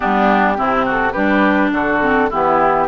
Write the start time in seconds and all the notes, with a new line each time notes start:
0.00 G3 B3 D4 G4
0.56 C3 C4 E4
0.85 F#4 A4
1.12 G3 D4 G4 B4
1.72 D3 F#4 A4
2.00 C4
2.30 E3 B3 E4 G4